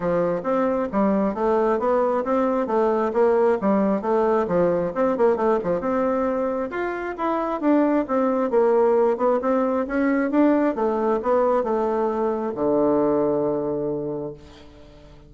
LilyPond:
\new Staff \with { instrumentName = "bassoon" } { \time 4/4 \tempo 4 = 134 f4 c'4 g4 a4 | b4 c'4 a4 ais4 | g4 a4 f4 c'8 ais8 | a8 f8 c'2 f'4 |
e'4 d'4 c'4 ais4~ | ais8 b8 c'4 cis'4 d'4 | a4 b4 a2 | d1 | }